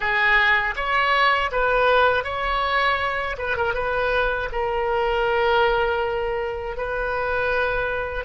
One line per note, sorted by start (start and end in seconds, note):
0.00 0.74 G#4
0.75 1.50 C#5
1.51 2.24 B4
2.24 3.36 C#5
3.38 3.56 B4
3.56 3.74 A#4
3.74 4.49 B4
4.52 6.76 A#4
6.76 8.25 B4